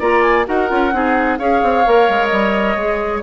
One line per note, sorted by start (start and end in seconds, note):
0.00 0.47 A#3
0.00 0.46 F4
0.00 0.46 D5
0.00 0.22 A#5
0.22 0.45 G#5
0.46 0.71 D#4
0.46 0.68 F#4
0.46 0.94 A#4
0.46 1.38 F#5
0.68 0.93 C#4
0.68 0.92 F4
0.93 1.39 C4
0.93 1.39 D#4
0.93 1.39 G#4
1.38 1.62 C#4
1.38 1.85 G#4
1.38 3.23 C#5
1.38 2.27 F5
1.63 1.86 C4
1.86 2.09 A#3
1.86 2.78 A#4
2.09 2.32 G#3
2.27 2.76 G3
2.27 3.20 D#5
2.76 3.22 G#3
2.76 3.23 G#4